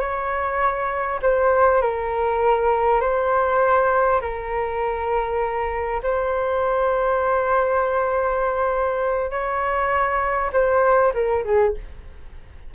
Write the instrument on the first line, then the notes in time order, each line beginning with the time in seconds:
flute
0.00 C#5
1.22 C5
1.82 A#4
3.01 C5
4.21 A#4
6.03 C5
9.31 C#5
10.53 C5
11.14 A#4
11.45 G#4